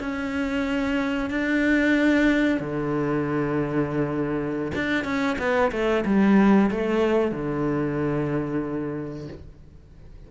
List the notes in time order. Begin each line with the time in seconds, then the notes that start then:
0.00 C#4
1.30 D4
2.60 D3
4.75 D4
5.04 C#4
5.38 B3
5.72 A3
6.05 G3
6.71 A3
7.32 D3